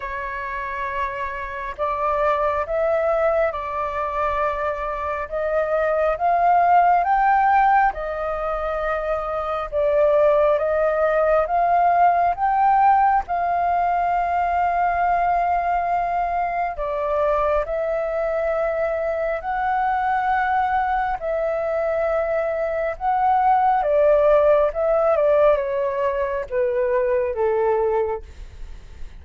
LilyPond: \new Staff \with { instrumentName = "flute" } { \time 4/4 \tempo 4 = 68 cis''2 d''4 e''4 | d''2 dis''4 f''4 | g''4 dis''2 d''4 | dis''4 f''4 g''4 f''4~ |
f''2. d''4 | e''2 fis''2 | e''2 fis''4 d''4 | e''8 d''8 cis''4 b'4 a'4 | }